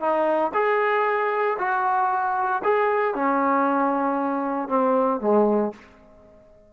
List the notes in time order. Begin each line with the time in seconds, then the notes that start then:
0.00 D#4
0.54 G#4
1.58 F#4
2.64 G#4
3.15 C#4
4.69 C4
5.21 G#3